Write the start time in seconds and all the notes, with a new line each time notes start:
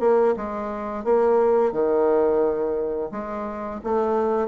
0.00 A#3
0.36 G#3
1.04 A#3
1.72 D#3
3.12 G#3
3.84 A3